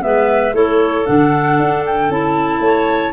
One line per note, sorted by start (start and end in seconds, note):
0.00 0.53 G#3
0.00 0.52 B3
0.00 0.54 B4
0.00 0.54 E5
0.53 1.04 A3
0.53 1.05 E4
0.53 2.61 A4
0.53 1.06 C#5
1.05 1.59 D3
1.05 2.09 D4
1.05 1.84 F#5
1.59 2.09 D4
1.86 2.11 G5
2.09 2.60 C#4
2.09 3.13 E4
2.09 3.13 A5
2.60 3.11 A3
2.60 3.13 C#5